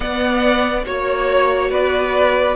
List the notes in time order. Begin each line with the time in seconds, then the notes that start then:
0.00 B3 D5 F#5
0.84 A#3 F#4 C#5
1.70 B3 B4 D5